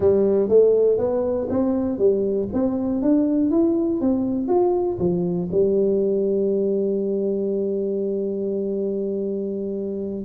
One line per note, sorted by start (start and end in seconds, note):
0.00 0.48 G3
0.48 0.97 A3
0.97 1.47 B3
1.49 1.98 C4
1.98 2.48 G3
2.53 3.02 C4
3.02 3.50 D4
3.50 4.00 E4
4.00 4.47 C4
4.47 4.97 F4
4.99 5.49 F3
5.51 10.24 G3